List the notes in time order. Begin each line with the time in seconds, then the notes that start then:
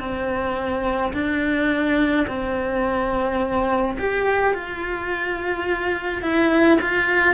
0.00 C4
1.14 D4
2.27 C4
3.98 G4
4.54 F4
6.22 E4
6.81 F4